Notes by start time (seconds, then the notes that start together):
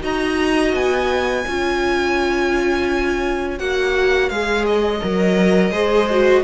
0.00 D#4 F#4 D#5 A#5
0.73 B3 G#5
1.44 C#4 F4 C#5
3.58 A#3 F#4 F#5
4.29 G#3 G#4 F5
4.66 D#5
5.01 F#3 A#4
5.70 G#3 G#4 C5
6.10 F#4